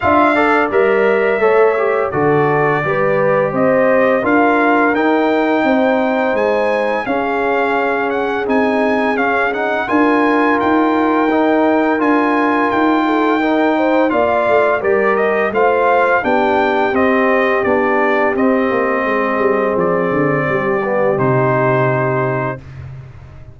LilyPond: <<
  \new Staff \with { instrumentName = "trumpet" } { \time 4/4 \tempo 4 = 85 f''4 e''2 d''4~ | d''4 dis''4 f''4 g''4~ | g''4 gis''4 f''4. fis''8 | gis''4 f''8 fis''8 gis''4 g''4~ |
g''4 gis''4 g''2 | f''4 d''8 dis''8 f''4 g''4 | dis''4 d''4 dis''2 | d''2 c''2 | }
  \new Staff \with { instrumentName = "horn" } { \time 4/4 e''8 d''4. cis''4 a'4 | b'4 c''4 ais'2 | c''2 gis'2~ | gis'2 ais'2~ |
ais'2~ ais'8 a'8 ais'8 c''8 | d''4 ais'4 c''4 g'4~ | g'2. gis'4~ | gis'4 g'2. | }
  \new Staff \with { instrumentName = "trombone" } { \time 4/4 f'8 a'8 ais'4 a'8 g'8 fis'4 | g'2 f'4 dis'4~ | dis'2 cis'2 | dis'4 cis'8 dis'8 f'2 |
dis'4 f'2 dis'4 | f'4 g'4 f'4 d'4 | c'4 d'4 c'2~ | c'4. b8 dis'2 | }
  \new Staff \with { instrumentName = "tuba" } { \time 4/4 d'4 g4 a4 d4 | g4 c'4 d'4 dis'4 | c'4 gis4 cis'2 | c'4 cis'4 d'4 dis'4~ |
dis'4 d'4 dis'2 | ais8 a8 g4 a4 b4 | c'4 b4 c'8 ais8 gis8 g8 | f8 d8 g4 c2 | }
>>